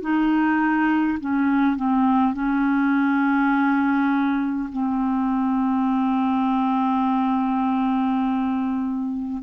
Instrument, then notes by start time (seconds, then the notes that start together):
clarinet
0.00 D#4
1.19 C#4
1.76 C4
2.33 C#4
4.72 C4